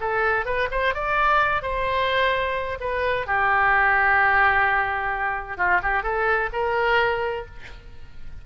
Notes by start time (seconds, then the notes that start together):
0.00 A4
0.45 B4
0.71 C5
0.94 D5
1.62 C5
2.80 B4
3.26 G4
5.57 F4
5.82 G4
6.03 A4
6.52 A#4